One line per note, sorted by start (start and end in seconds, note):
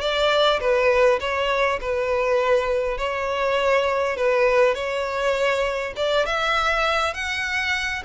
0.00 0.59 D5
0.60 1.19 B4
1.20 1.79 C#5
1.80 2.97 B4
2.97 4.16 C#5
4.16 4.74 B4
4.74 5.93 C#5
5.96 6.25 D5
6.25 7.13 E5
7.13 8.03 F#5